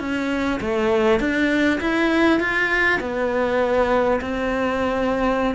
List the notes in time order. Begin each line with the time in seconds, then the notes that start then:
0.00 C#4
0.61 A3
1.20 D4
1.81 E4
2.40 F4
3.01 B3
4.21 C4